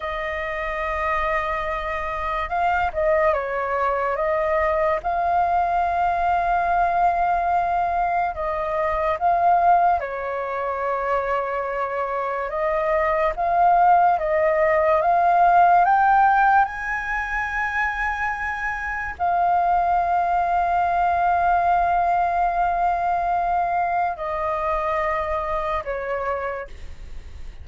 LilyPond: \new Staff \with { instrumentName = "flute" } { \time 4/4 \tempo 4 = 72 dis''2. f''8 dis''8 | cis''4 dis''4 f''2~ | f''2 dis''4 f''4 | cis''2. dis''4 |
f''4 dis''4 f''4 g''4 | gis''2. f''4~ | f''1~ | f''4 dis''2 cis''4 | }